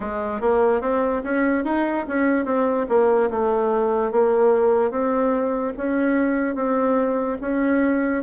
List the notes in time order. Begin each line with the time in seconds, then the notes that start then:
0.00 G#3
0.40 A#3
0.81 C4
1.23 C#4
1.64 D#4
2.08 C#4
2.45 C4
2.88 A#3
3.30 A3
4.11 A#3
4.90 C4
5.77 C#4
6.55 C4
7.41 C#4